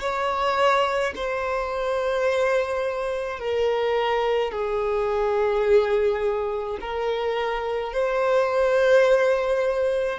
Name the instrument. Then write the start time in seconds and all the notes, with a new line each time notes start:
violin
0.00 C#5
1.15 C5
3.39 A#4
4.51 G#4
6.80 A#4
7.92 C5